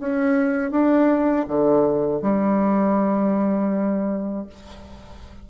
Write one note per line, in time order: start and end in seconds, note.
0.00 0.71 C#4
0.71 1.46 D4
1.48 2.22 D3
2.22 4.47 G3